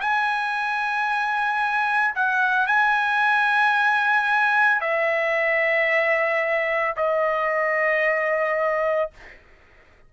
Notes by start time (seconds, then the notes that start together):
0.00 G#5
2.15 F#5
2.67 G#5
4.81 E5
6.96 D#5